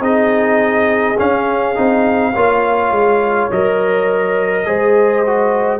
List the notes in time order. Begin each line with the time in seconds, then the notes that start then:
0.00 C4 D#4 G#4 D#5
1.18 C#4 F5
1.75 C4 D#4
2.32 A#3 F4 C#5
2.92 G#3
3.51 F#3 A#4 D#5
4.66 G#3 G#4 C5
5.26 F#4